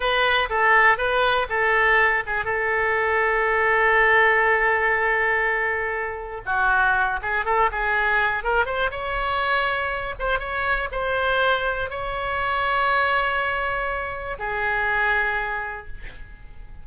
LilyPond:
\new Staff \with { instrumentName = "oboe" } { \time 4/4 \tempo 4 = 121 b'4 a'4 b'4 a'4~ | a'8 gis'8 a'2.~ | a'1~ | a'4 fis'4. gis'8 a'8 gis'8~ |
gis'4 ais'8 c''8 cis''2~ | cis''8 c''8 cis''4 c''2 | cis''1~ | cis''4 gis'2. | }